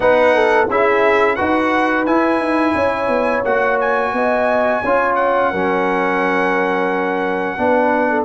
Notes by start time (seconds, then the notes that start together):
0.00 B3 D#4 B4 F#5
0.34 A4
0.69 C#4 E4 G#4 E5
1.35 D#4 F#4 B4 F#5
2.05 E4 G#5
2.39 D#4
2.74 C#4 C#5
3.08 B3
3.44 A#3 F#4 F#5
3.80 G#5
4.12 B3 D#5
4.82 C#4 F4 C#5
5.15 F#5
5.51 F#3 C#4 A#4
7.57 B3 D4 B4
8.10 A4